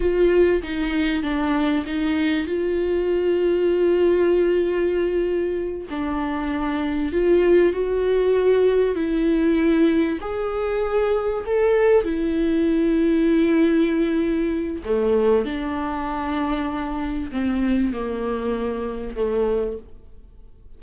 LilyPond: \new Staff \with { instrumentName = "viola" } { \time 4/4 \tempo 4 = 97 f'4 dis'4 d'4 dis'4 | f'1~ | f'4. d'2 f'8~ | f'8 fis'2 e'4.~ |
e'8 gis'2 a'4 e'8~ | e'1 | a4 d'2. | c'4 ais2 a4 | }